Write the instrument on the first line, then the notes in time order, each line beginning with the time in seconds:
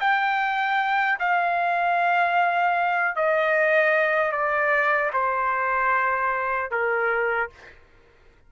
trumpet
0.00 G5
1.19 F5
3.16 D#5
4.32 D5
5.13 C5
6.71 A#4